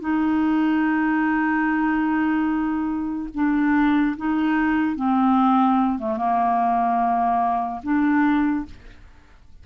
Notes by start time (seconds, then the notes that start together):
0.00 D#4
3.34 D4
4.17 D#4
4.95 C4
5.98 A3
6.16 A#3
7.83 D4